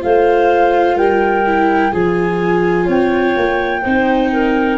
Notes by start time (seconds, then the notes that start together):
0.00 A3 F4 C5 F5
0.96 G3 A#4 G5
1.46 E4
1.91 F3 F4 G#4 G#5
2.85 C4 C#5 G5
3.37 A#3
3.82 C4 D#4 C5
4.32 A#4